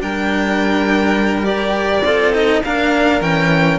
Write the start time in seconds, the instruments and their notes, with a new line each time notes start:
0.00 cello G3 D4, violin A#4 G5
1.43 cello G4, violin D5
2.03 cello C4 F4, violin A4
2.33 cello D#4, violin D#5
2.64 cello A#3 D4, violin A#4 F5
3.21 cello E3 C#4, violin G5